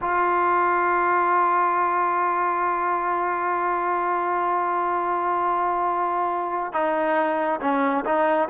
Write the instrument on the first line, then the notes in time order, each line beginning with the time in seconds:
trombone
0.01 F4
6.72 D#4
7.60 C#4
8.05 D#4